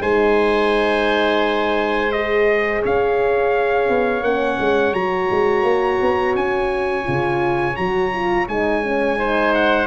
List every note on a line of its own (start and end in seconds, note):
0.00 2.82 G#3
0.00 2.12 D#4
0.00 2.82 C5
0.00 2.12 G#5
2.12 4.25 G#4
2.12 2.82 D#5
2.82 3.89 C#4
2.82 9.18 C#5
2.82 4.23 F5
3.89 4.22 B3
4.22 4.57 A#3
4.22 4.94 C#4
4.22 4.94 F#5
4.60 4.93 G#3
4.93 5.28 F#3
4.93 7.04 F#4
4.93 6.35 A#5
5.30 5.63 G#3
5.63 5.98 A#3
6.01 6.35 B3
6.35 7.05 C#4
6.35 7.76 G#5
7.04 7.78 C#3
7.04 7.74 F4
7.76 8.48 F#3
7.76 8.12 F#4
7.76 8.47 A#5
8.12 8.48 F4
8.48 9.87 G#3
8.48 8.83 D#4
8.48 9.54 G#5
8.83 9.17 C#4
9.17 9.87 D#4
9.17 9.87 C5
9.54 9.87 F#5